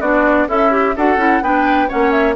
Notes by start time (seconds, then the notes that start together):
0.00 B3 D4 F#4 D5
0.47 C#4 E4 A4 E5
0.71 G4
0.96 D4 F#4 A4 F#5
1.16 C#4 E4
1.42 B3 D4 B4 G5
1.88 A#3 C#4 C#5 F#5
2.11 E5